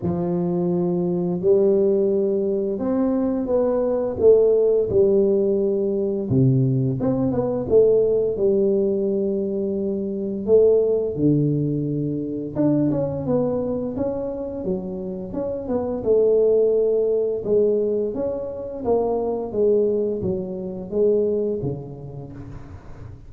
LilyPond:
\new Staff \with { instrumentName = "tuba" } { \time 4/4 \tempo 4 = 86 f2 g2 | c'4 b4 a4 g4~ | g4 c4 c'8 b8 a4 | g2. a4 |
d2 d'8 cis'8 b4 | cis'4 fis4 cis'8 b8 a4~ | a4 gis4 cis'4 ais4 | gis4 fis4 gis4 cis4 | }